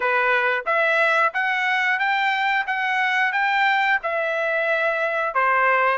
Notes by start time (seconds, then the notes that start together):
0.00 B4
0.65 E5
1.33 F#5
1.98 G5
2.66 F#5
3.32 G5
4.02 E5
5.34 C5